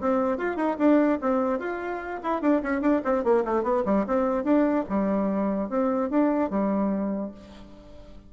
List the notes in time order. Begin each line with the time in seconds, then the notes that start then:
0.00 C4
0.37 F4
0.56 D#4
0.78 D4
1.21 C4
1.59 F4
2.23 E4
2.41 D4
2.63 C#4
2.81 D4
3.04 C4
3.24 A#3
3.45 A3
3.63 B3
3.85 G3
4.06 C4
4.44 D4
4.89 G3
5.69 C4
6.10 D4
6.50 G3